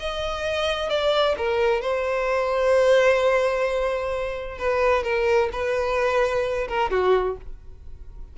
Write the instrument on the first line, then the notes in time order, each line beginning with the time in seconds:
violin
0.00 D#5
0.90 D5
1.38 A#4
1.81 C5
4.59 B4
5.03 A#4
5.53 B4
6.68 A#4
6.91 F#4